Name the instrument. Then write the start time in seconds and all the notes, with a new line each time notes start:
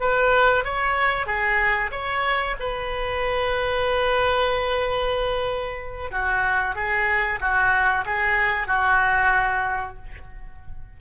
oboe
0.00 B4
0.64 C#5
1.26 G#4
1.91 C#5
2.60 B4
6.11 F#4
6.75 G#4
7.40 F#4
8.06 G#4
8.67 F#4